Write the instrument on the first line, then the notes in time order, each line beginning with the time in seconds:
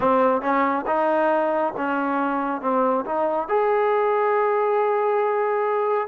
trombone
0.00 C4
0.42 C#4
0.86 D#4
1.76 C#4
2.61 C4
3.05 D#4
3.48 G#4